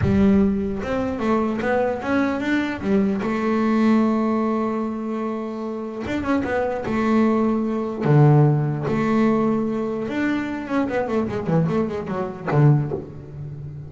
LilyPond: \new Staff \with { instrumentName = "double bass" } { \time 4/4 \tempo 4 = 149 g2 c'4 a4 | b4 cis'4 d'4 g4 | a1~ | a2. d'8 cis'8 |
b4 a2. | d2 a2~ | a4 d'4. cis'8 b8 a8 | gis8 e8 a8 gis8 fis4 d4 | }